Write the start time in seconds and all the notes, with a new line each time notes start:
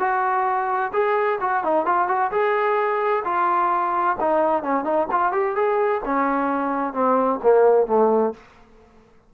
0.00 F#4
0.93 G#4
1.41 F#4
1.64 D#4
1.87 F4
2.09 F#4
2.32 G#4
3.25 F4
4.21 D#4
4.63 C#4
4.85 D#4
5.12 F4
5.33 G4
5.56 G#4
6.05 C#4
6.94 C4
7.43 A#3
7.88 A3